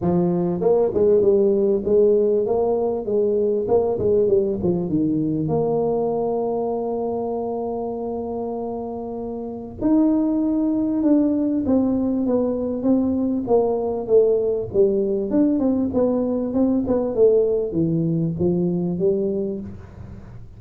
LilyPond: \new Staff \with { instrumentName = "tuba" } { \time 4/4 \tempo 4 = 98 f4 ais8 gis8 g4 gis4 | ais4 gis4 ais8 gis8 g8 f8 | dis4 ais2.~ | ais1 |
dis'2 d'4 c'4 | b4 c'4 ais4 a4 | g4 d'8 c'8 b4 c'8 b8 | a4 e4 f4 g4 | }